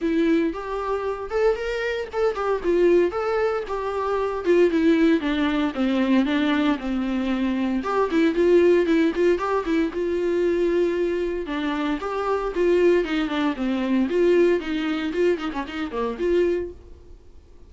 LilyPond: \new Staff \with { instrumentName = "viola" } { \time 4/4 \tempo 4 = 115 e'4 g'4. a'8 ais'4 | a'8 g'8 f'4 a'4 g'4~ | g'8 f'8 e'4 d'4 c'4 | d'4 c'2 g'8 e'8 |
f'4 e'8 f'8 g'8 e'8 f'4~ | f'2 d'4 g'4 | f'4 dis'8 d'8 c'4 f'4 | dis'4 f'8 dis'16 cis'16 dis'8 ais8 f'4 | }